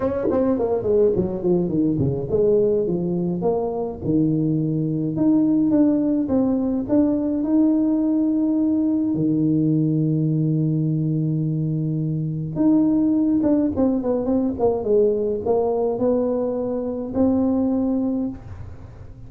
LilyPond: \new Staff \with { instrumentName = "tuba" } { \time 4/4 \tempo 4 = 105 cis'8 c'8 ais8 gis8 fis8 f8 dis8 cis8 | gis4 f4 ais4 dis4~ | dis4 dis'4 d'4 c'4 | d'4 dis'2. |
dis1~ | dis2 dis'4. d'8 | c'8 b8 c'8 ais8 gis4 ais4 | b2 c'2 | }